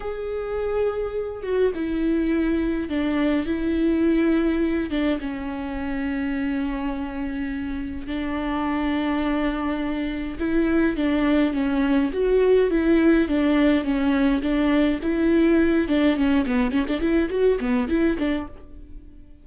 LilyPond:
\new Staff \with { instrumentName = "viola" } { \time 4/4 \tempo 4 = 104 gis'2~ gis'8 fis'8 e'4~ | e'4 d'4 e'2~ | e'8 d'8 cis'2.~ | cis'2 d'2~ |
d'2 e'4 d'4 | cis'4 fis'4 e'4 d'4 | cis'4 d'4 e'4. d'8 | cis'8 b8 cis'16 d'16 e'8 fis'8 b8 e'8 d'8 | }